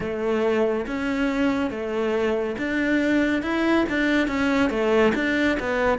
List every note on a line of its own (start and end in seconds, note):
0.00 0.86 A3
0.86 1.70 C#4
1.70 2.56 A3
2.58 3.42 D4
3.42 3.85 E4
3.89 4.27 D4
4.27 4.69 C#4
4.69 5.12 A3
5.14 5.57 D4
5.59 5.98 B3